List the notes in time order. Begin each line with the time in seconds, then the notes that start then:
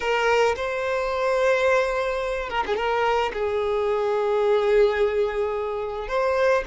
0.00 A#4
0.56 C5
2.49 A#4
2.66 G#4
2.76 A#4
3.33 G#4
6.08 C5